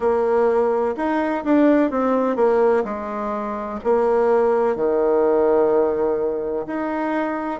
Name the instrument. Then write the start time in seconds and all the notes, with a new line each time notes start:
bassoon
0.00 A#3
0.96 D#4
1.44 D4
1.90 C4
2.35 A#3
2.84 G#3
3.84 A#3
4.75 D#3
6.67 D#4